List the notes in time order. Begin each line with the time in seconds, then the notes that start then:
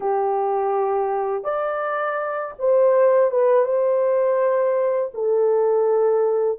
0.00 G4
1.44 D5
2.58 C5
3.31 B4
3.65 C5
5.14 A4